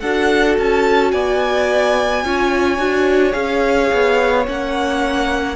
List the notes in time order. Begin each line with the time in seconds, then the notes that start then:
0.00 D4 F#4 A4 F#5
0.58 C#4 A5
1.12 B3 D5 G#5
2.24 C#4 F4 C#5
2.78 D4 F#4
3.33 C#4 G#4 F5
3.93 B3
4.46 A#3 C#4 F#5